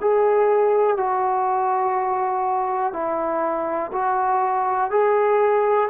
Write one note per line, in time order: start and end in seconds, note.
0.00 0.97 G#4
0.97 2.92 F#4
2.92 3.91 E4
3.92 4.90 F#4
4.90 5.89 G#4